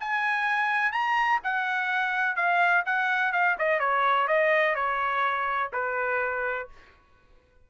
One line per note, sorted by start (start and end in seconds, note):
0.00 0.92 G#5
0.92 1.40 A#5
1.44 2.36 F#5
2.36 2.84 F5
2.86 3.33 F#5
3.33 3.57 F5
3.59 3.80 D#5
3.80 4.28 C#5
4.28 4.75 D#5
4.75 5.71 C#5
5.73 6.69 B4